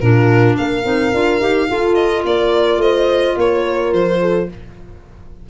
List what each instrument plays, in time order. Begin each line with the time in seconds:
0.00 tuba A#2, clarinet D4, horn F4, violin A#4
0.58 tuba A#3, horn A#4, violin F5
0.84 tuba C4, clarinet D#4
1.13 tuba D4, clarinet F4
1.40 tuba D#4, clarinet G4
1.69 clarinet F4, tuba F4, horn A4
1.95 violin D#5
2.25 tuba A#3, horn A#4, violin D5
2.77 tuba A3, horn C5, violin D#5
3.37 tuba A#3, horn A#4, violin C#5
3.93 tuba F3, violin C5
4.21 horn A4